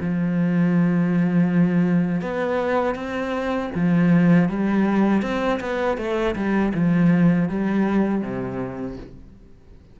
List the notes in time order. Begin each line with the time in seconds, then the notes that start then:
0.00 F3
2.21 B3
2.95 C4
3.75 F3
4.49 G3
5.22 C4
5.60 B3
5.97 A3
6.35 G3
6.74 F3
7.49 G3
8.22 C3